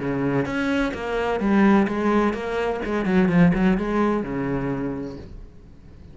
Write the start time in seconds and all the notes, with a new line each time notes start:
0.00 C#3
0.46 C#4
0.94 A#3
1.40 G3
1.88 G#3
2.34 A#3
2.86 G#3
3.06 F#3
3.29 F3
3.55 F#3
3.78 G#3
4.24 C#3